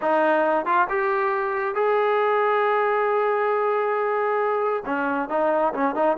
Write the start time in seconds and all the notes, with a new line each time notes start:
0.01 D#4
0.65 F4
0.89 G4
1.74 G#4
4.85 C#4
5.29 D#4
5.73 C#4
5.95 D#4